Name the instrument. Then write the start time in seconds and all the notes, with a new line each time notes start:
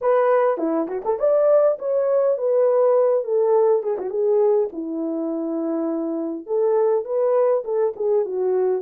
horn
0.01 B4
0.57 E4
0.87 F#4
1.04 A4
1.19 D5
1.79 C#5
2.37 B4
3.24 A4
3.82 G#4
3.98 F#4
4.10 G#4
4.72 E4
6.46 A4
7.04 B4
7.64 A4
7.95 G#4
8.25 F#4